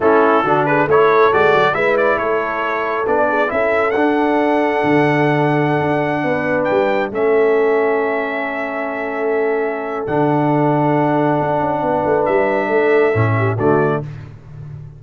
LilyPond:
<<
  \new Staff \with { instrumentName = "trumpet" } { \time 4/4 \tempo 4 = 137 a'4. b'8 cis''4 d''4 | e''8 d''8 cis''2 d''4 | e''4 fis''2.~ | fis''2.~ fis''16 g''8.~ |
g''16 e''2.~ e''8.~ | e''2. fis''4~ | fis''1 | e''2. d''4 | }
  \new Staff \with { instrumentName = "horn" } { \time 4/4 e'4 fis'8 gis'8 a'2 | b'4 a'2~ a'8 gis'8 | a'1~ | a'2~ a'16 b'4.~ b'16~ |
b'16 a'2.~ a'8.~ | a'1~ | a'2. b'4~ | b'4 a'4. g'8 fis'4 | }
  \new Staff \with { instrumentName = "trombone" } { \time 4/4 cis'4 d'4 e'4 fis'4 | e'2. d'4 | e'4 d'2.~ | d'1~ |
d'16 cis'2.~ cis'8.~ | cis'2. d'4~ | d'1~ | d'2 cis'4 a4 | }
  \new Staff \with { instrumentName = "tuba" } { \time 4/4 a4 d4 a4 gis8 fis8 | gis4 a2 b4 | cis'4 d'2 d4~ | d4~ d16 d'4 b4 g8.~ |
g16 a2.~ a8.~ | a2. d4~ | d2 d'8 cis'8 b8 a8 | g4 a4 a,4 d4 | }
>>